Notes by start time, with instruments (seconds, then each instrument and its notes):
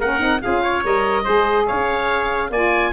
0.00 tuba A#3, saxophone C#4, trumpet A#4, oboe F#5
0.19 tuba C4, saxophone D#4
0.42 tuba C#4, saxophone F4, trumpet G#4, oboe F5
0.62 trumpet C#5
0.84 tuba G3, saxophone A#4, oboe D#5
1.24 tuba G#3, saxophone G#4, trumpet C5
1.68 tuba C#4, trumpet C#5, oboe F5
2.51 tuba A#3, saxophone F4, trumpet D5, oboe G#5